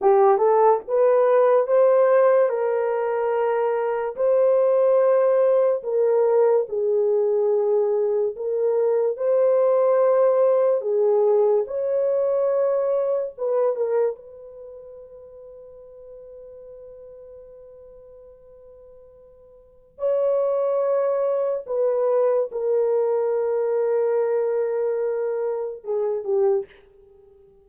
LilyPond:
\new Staff \with { instrumentName = "horn" } { \time 4/4 \tempo 4 = 72 g'8 a'8 b'4 c''4 ais'4~ | ais'4 c''2 ais'4 | gis'2 ais'4 c''4~ | c''4 gis'4 cis''2 |
b'8 ais'8 b'2.~ | b'1 | cis''2 b'4 ais'4~ | ais'2. gis'8 g'8 | }